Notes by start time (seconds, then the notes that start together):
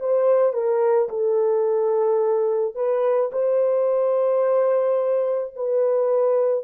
0.00 C5
0.54 A#4
1.09 A4
2.75 B4
3.32 C5
5.56 B4